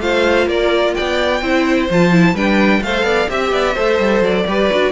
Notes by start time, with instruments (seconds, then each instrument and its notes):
0.00 cello A3, viola F4, violin C5 F5
0.47 cello A#3, violin A#4 D5
0.95 cello B3, violin D5 G5
1.42 cello C4, viola E4, violin C5
1.90 cello F3, viola F4, violin A5
2.12 viola E4
2.34 cello G3, viola D4, violin B4 G5
2.82 cello A3, viola A4, violin C5 F5
3.04 cello B3, violin D5
3.29 cello C4, viola G4, violin E5
3.52 cello B3, violin D5
3.74 cello A3, viola A4, violin C5
3.99 cello G3
4.21 cello F#3, violin D5
4.47 cello G3, viola G4, violin B4
4.70 cello D4, viola F#4